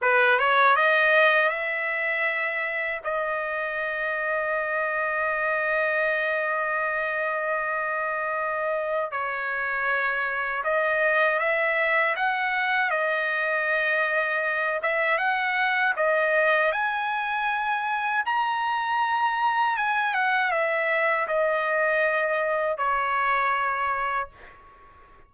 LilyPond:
\new Staff \with { instrumentName = "trumpet" } { \time 4/4 \tempo 4 = 79 b'8 cis''8 dis''4 e''2 | dis''1~ | dis''1 | cis''2 dis''4 e''4 |
fis''4 dis''2~ dis''8 e''8 | fis''4 dis''4 gis''2 | ais''2 gis''8 fis''8 e''4 | dis''2 cis''2 | }